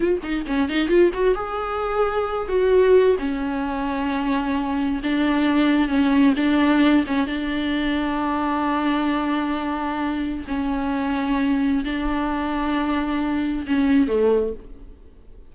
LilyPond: \new Staff \with { instrumentName = "viola" } { \time 4/4 \tempo 4 = 132 f'8 dis'8 cis'8 dis'8 f'8 fis'8 gis'4~ | gis'4. fis'4. cis'4~ | cis'2. d'4~ | d'4 cis'4 d'4. cis'8 |
d'1~ | d'2. cis'4~ | cis'2 d'2~ | d'2 cis'4 a4 | }